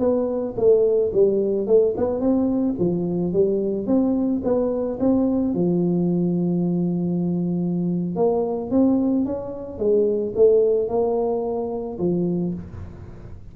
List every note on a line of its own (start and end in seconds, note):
0.00 0.55 B3
0.57 1.12 A3
1.13 1.68 G3
1.68 1.95 A3
1.97 2.20 B3
2.20 2.75 C4
2.79 3.34 F3
3.34 3.87 G3
3.87 4.42 C4
4.44 4.99 B3
5.00 5.55 C4
5.55 8.16 F3
8.16 8.71 A#3
8.71 9.26 C4
9.26 9.79 C#4
9.79 10.34 G#3
10.36 10.88 A3
10.88 11.98 A#3
11.99 12.54 F3